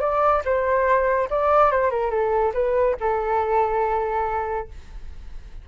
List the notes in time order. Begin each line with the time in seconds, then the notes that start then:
0.00 D5
0.44 C5
1.30 D5
1.71 C5
1.90 A#4
2.10 A4
2.53 B4
3.00 A4